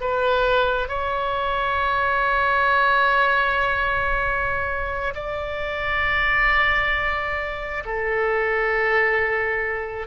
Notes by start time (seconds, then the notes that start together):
0.00 B4
0.88 C#5
5.15 D5
7.85 A4